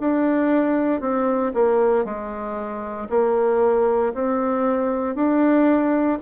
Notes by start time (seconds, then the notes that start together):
0.00 D4
1.01 C4
1.54 A#3
2.05 G#3
3.09 A#3
4.14 C4
5.15 D4